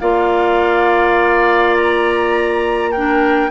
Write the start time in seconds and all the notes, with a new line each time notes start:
0.00 A#3 F4 D5 F5
1.77 A#5
2.92 D4 A#4 G5